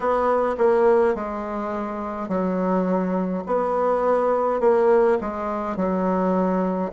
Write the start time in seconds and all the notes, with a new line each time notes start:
0.00 B3
0.58 A#3
1.14 G#3
2.28 F#3
3.46 B3
4.60 A#3
5.20 G#3
5.76 F#3